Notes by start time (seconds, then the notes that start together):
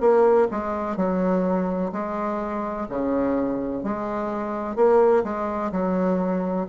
0.00 A#3
0.51 G#3
0.97 F#3
1.92 G#3
2.89 C#3
3.84 G#3
4.76 A#3
5.24 G#3
5.72 F#3